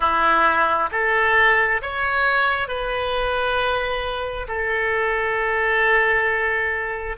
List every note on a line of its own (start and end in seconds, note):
0.00 0.89 E4
0.91 1.81 A4
1.82 2.68 C#5
2.68 4.47 B4
4.48 7.16 A4